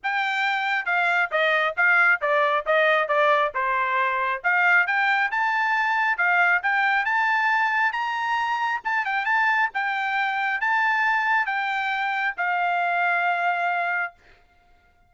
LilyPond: \new Staff \with { instrumentName = "trumpet" } { \time 4/4 \tempo 4 = 136 g''2 f''4 dis''4 | f''4 d''4 dis''4 d''4 | c''2 f''4 g''4 | a''2 f''4 g''4 |
a''2 ais''2 | a''8 g''8 a''4 g''2 | a''2 g''2 | f''1 | }